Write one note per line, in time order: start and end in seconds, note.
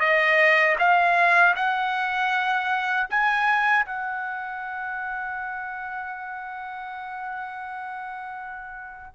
0.00 0.76 D#5
0.79 1.55 F5
1.55 3.07 F#5
3.10 3.86 G#5
3.86 9.14 F#5